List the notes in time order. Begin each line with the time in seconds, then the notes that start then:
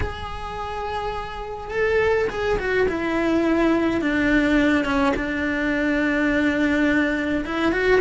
0.00 G#4
1.70 A4
2.29 G#4
2.58 F#4
2.88 E4
4.01 D4
4.84 C#4
5.16 D4
7.45 E4
7.71 F#4